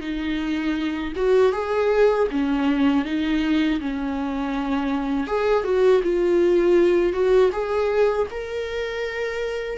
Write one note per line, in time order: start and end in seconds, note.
0.00 1.12 D#4
1.16 1.52 F#4
1.52 2.27 G#4
2.31 3.04 C#4
3.04 3.79 D#4
3.80 5.27 C#4
5.27 5.64 G#4
5.64 6.01 F#4
6.03 7.12 F4
7.12 7.50 F#4
7.52 8.27 G#4
8.30 9.78 A#4